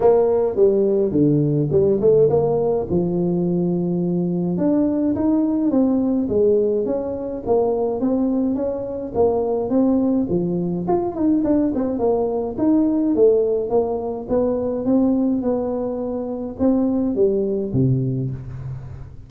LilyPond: \new Staff \with { instrumentName = "tuba" } { \time 4/4 \tempo 4 = 105 ais4 g4 d4 g8 a8 | ais4 f2. | d'4 dis'4 c'4 gis4 | cis'4 ais4 c'4 cis'4 |
ais4 c'4 f4 f'8 dis'8 | d'8 c'8 ais4 dis'4 a4 | ais4 b4 c'4 b4~ | b4 c'4 g4 c4 | }